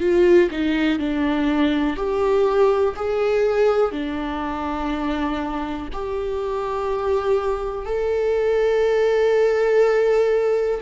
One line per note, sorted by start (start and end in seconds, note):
0.00 0.49 F4
0.51 0.99 D#4
0.99 1.96 D4
1.96 2.95 G4
2.96 3.92 G#4
3.92 5.88 D4
5.93 7.86 G4
7.86 10.81 A4